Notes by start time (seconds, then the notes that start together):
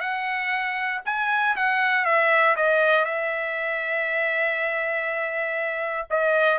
0.00 F#5
1.05 G#5
1.56 F#5
2.05 E5
2.56 D#5
3.04 E5
6.10 D#5